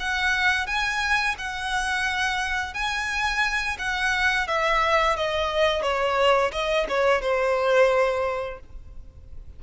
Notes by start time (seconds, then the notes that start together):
0.00 F#5
0.67 G#5
1.38 F#5
2.74 G#5
3.79 F#5
4.48 E5
5.16 D#5
5.82 C#5
6.52 D#5
6.89 C#5
7.22 C5